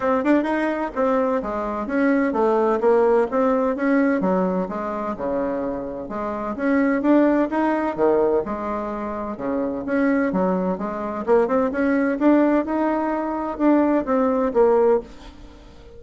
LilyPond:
\new Staff \with { instrumentName = "bassoon" } { \time 4/4 \tempo 4 = 128 c'8 d'8 dis'4 c'4 gis4 | cis'4 a4 ais4 c'4 | cis'4 fis4 gis4 cis4~ | cis4 gis4 cis'4 d'4 |
dis'4 dis4 gis2 | cis4 cis'4 fis4 gis4 | ais8 c'8 cis'4 d'4 dis'4~ | dis'4 d'4 c'4 ais4 | }